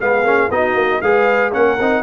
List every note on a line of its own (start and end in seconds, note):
0.00 0.23 G#3
0.00 0.24 B3
0.00 0.51 G#4
0.00 0.51 F5
0.23 0.48 A#3
0.23 0.50 C#4
0.50 0.74 B3
0.50 1.03 D#4
0.50 1.02 F#4
0.50 1.01 D#5
0.74 1.00 A#3
1.01 1.53 G#3
1.01 1.52 G#4
1.01 1.52 B4
1.01 1.52 F5
1.52 1.78 A#3
1.52 1.78 C#4
1.52 2.03 A#4
1.52 2.03 F#5
1.79 2.03 C4
1.79 2.03 D#4